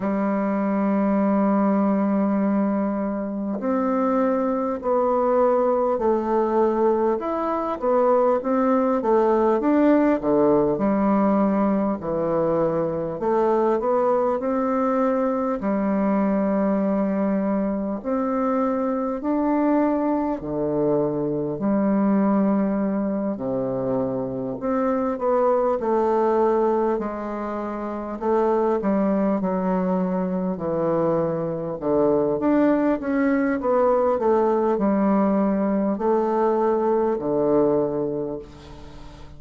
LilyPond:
\new Staff \with { instrumentName = "bassoon" } { \time 4/4 \tempo 4 = 50 g2. c'4 | b4 a4 e'8 b8 c'8 a8 | d'8 d8 g4 e4 a8 b8 | c'4 g2 c'4 |
d'4 d4 g4. c8~ | c8 c'8 b8 a4 gis4 a8 | g8 fis4 e4 d8 d'8 cis'8 | b8 a8 g4 a4 d4 | }